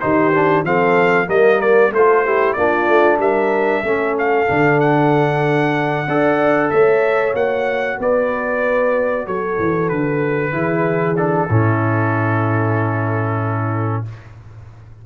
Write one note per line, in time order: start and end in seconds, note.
0.00 0.63 D#3
0.00 0.33 D#4
0.00 0.66 G4
0.00 0.64 C5
0.33 0.65 D4
0.63 1.27 F3
0.63 1.27 C4
0.63 1.27 A4
0.63 1.29 F5
1.27 1.91 G3
1.27 1.90 A#3
1.27 1.91 A#4
1.27 1.61 D#5
1.61 1.93 D5
1.91 2.55 A3
1.91 2.26 F4
1.91 2.25 A4
1.91 2.53 C5
2.25 2.58 E4
2.25 2.57 G4
2.53 2.88 A#3
2.53 3.85 D4
2.53 3.19 F4
2.53 3.17 D5
2.88 3.18 A3
3.18 3.82 G3
3.18 3.83 A#4
3.18 4.16 E5
3.84 4.47 A3
3.84 4.48 C#4
3.84 6.08 A4
4.18 4.80 F5
4.48 6.08 D3
4.48 6.07 D4
4.80 6.70 F#5
6.08 6.71 D4
6.08 7.34 A4
6.08 6.72 D5
6.70 7.34 A3
6.70 7.98 C#5
6.70 7.34 E5
7.34 7.98 A#3
7.34 10.52 F#4
7.34 7.99 F#5
7.98 9.27 B3
7.98 9.26 B4
7.98 9.27 D5
9.26 9.59 F#3
9.26 10.54 A4
9.26 9.89 C#5
9.59 9.91 E3
9.89 10.53 D3
9.89 11.16 B4
10.52 11.49 E3
10.52 11.16 E4
10.52 11.50 G#4
11.16 11.49 D4
11.16 14.04 A4
11.49 14.05 A2
11.49 14.05 C#4
11.49 14.06 E4